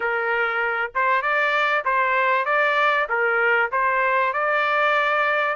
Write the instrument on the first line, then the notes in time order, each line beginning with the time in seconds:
trumpet
0.00 A#4
0.94 C5
1.22 D5
1.84 C5
2.45 D5
3.09 A#4
3.71 C5
4.33 D5